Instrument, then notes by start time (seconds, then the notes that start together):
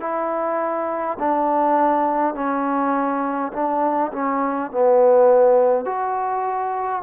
trombone
0.00 E4
1.19 D4
2.35 C#4
3.53 D4
4.13 C#4
4.71 B3
5.85 F#4